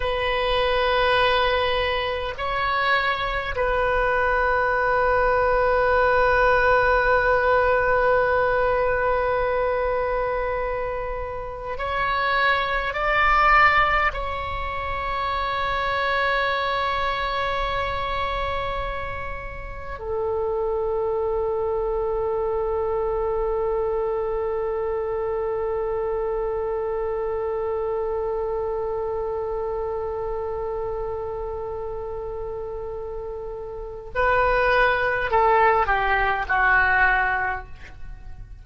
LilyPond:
\new Staff \with { instrumentName = "oboe" } { \time 4/4 \tempo 4 = 51 b'2 cis''4 b'4~ | b'1~ | b'2 cis''4 d''4 | cis''1~ |
cis''4 a'2.~ | a'1~ | a'1~ | a'4 b'4 a'8 g'8 fis'4 | }